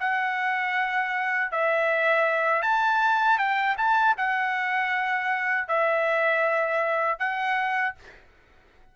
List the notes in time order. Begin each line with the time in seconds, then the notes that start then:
0.00 F#5
1.52 E5
2.63 A5
3.38 G5
3.78 A5
4.18 F#5
5.68 E5
7.19 F#5